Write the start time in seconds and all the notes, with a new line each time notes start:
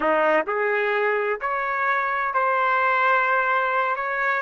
0.00 D#4
0.47 G#4
1.40 C#5
2.34 C5
3.96 C#5